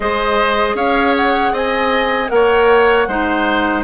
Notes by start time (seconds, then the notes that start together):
0.00 G#3 G#4 C5 D#5
0.74 C#4 C#5 F5
1.16 F#5
1.52 C4 D#5 G#5
2.27 A#3 A#4 F#5
2.34 C#5
3.07 G#3 D#4 C5